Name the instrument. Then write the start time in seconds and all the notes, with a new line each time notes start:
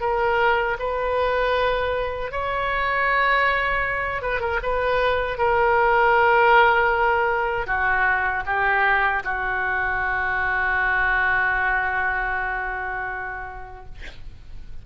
oboe
0.00 A#4
0.79 B4
2.31 C#5
4.22 B4
4.41 A#4
4.63 B4
5.38 A#4
7.67 F#4
8.46 G4
9.24 F#4